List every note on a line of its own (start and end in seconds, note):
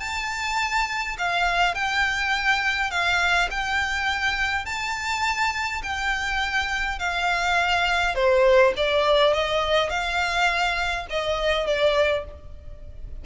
0.00 1.17 A5
1.18 1.74 F5
1.74 2.91 G5
2.91 3.49 F5
3.51 4.65 G5
4.65 5.82 A5
5.83 6.99 G5
6.99 8.15 F5
8.15 8.74 C5
8.77 9.34 D5
9.34 9.90 D#5
9.90 11.07 F5
11.10 11.67 D#5
11.67 12.25 D5